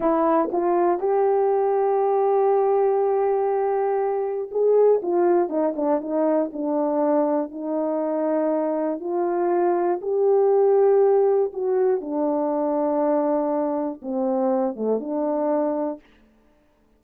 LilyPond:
\new Staff \with { instrumentName = "horn" } { \time 4/4 \tempo 4 = 120 e'4 f'4 g'2~ | g'1~ | g'4 gis'4 f'4 dis'8 d'8 | dis'4 d'2 dis'4~ |
dis'2 f'2 | g'2. fis'4 | d'1 | c'4. a8 d'2 | }